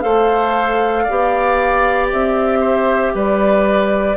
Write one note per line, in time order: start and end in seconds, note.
0.00 1.07 A3
0.00 1.05 A4
0.00 1.03 C5
0.00 2.07 F5
1.03 2.12 B3
1.03 4.16 G4
1.03 2.59 D5
2.12 3.14 C4
2.12 3.15 E5
2.60 3.12 C5
3.14 4.16 G3
3.14 4.16 B4
3.14 4.16 D5